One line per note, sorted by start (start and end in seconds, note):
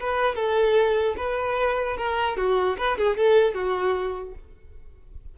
0.00 0.36 B4
0.36 1.16 A4
1.17 1.97 B4
1.98 2.37 A#4
2.37 2.77 F#4
2.78 2.98 B4
2.98 3.17 G#4
3.17 3.55 A4
3.55 4.35 F#4